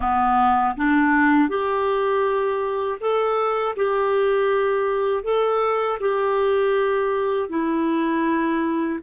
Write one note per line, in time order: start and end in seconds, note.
0.00 0.75 B3
0.76 1.49 D4
1.49 2.99 G4
3.00 3.75 A4
3.75 5.23 G4
5.23 5.98 A4
6.00 7.49 G4
7.49 8.99 E4